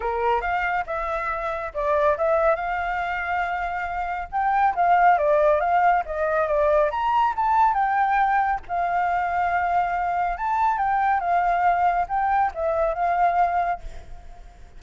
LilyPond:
\new Staff \with { instrumentName = "flute" } { \time 4/4 \tempo 4 = 139 ais'4 f''4 e''2 | d''4 e''4 f''2~ | f''2 g''4 f''4 | d''4 f''4 dis''4 d''4 |
ais''4 a''4 g''2 | f''1 | a''4 g''4 f''2 | g''4 e''4 f''2 | }